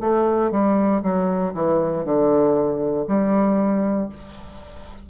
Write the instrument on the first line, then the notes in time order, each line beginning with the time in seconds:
bassoon
0.00 A3
0.51 G3
1.03 F#3
1.53 E3
2.04 D3
3.07 G3